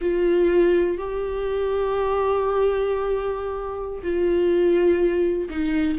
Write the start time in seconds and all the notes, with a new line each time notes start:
0.01 F4
0.97 G4
4.02 F4
5.49 D#4